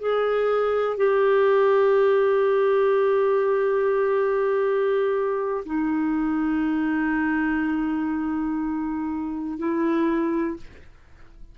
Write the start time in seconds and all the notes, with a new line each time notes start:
0.00 G#4
0.97 G4
5.66 D#4
9.59 E4